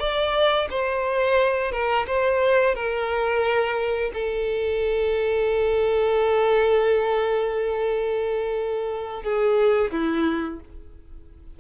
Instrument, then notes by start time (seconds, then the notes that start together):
violin
0.00 D5
0.70 C5
1.72 A#4
2.07 C5
2.75 A#4
4.14 A4
9.23 G#4
9.91 E4